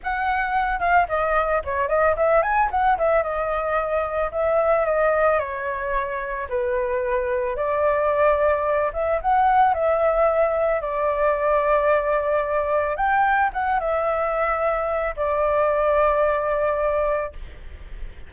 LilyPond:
\new Staff \with { instrumentName = "flute" } { \time 4/4 \tempo 4 = 111 fis''4. f''8 dis''4 cis''8 dis''8 | e''8 gis''8 fis''8 e''8 dis''2 | e''4 dis''4 cis''2 | b'2 d''2~ |
d''8 e''8 fis''4 e''2 | d''1 | g''4 fis''8 e''2~ e''8 | d''1 | }